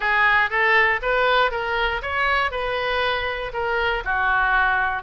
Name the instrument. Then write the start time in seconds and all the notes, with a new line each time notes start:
oboe
0.00 G#4
0.50 A4
1.02 B4
1.51 A#4
2.01 C#5
2.51 B4
3.53 A#4
4.04 F#4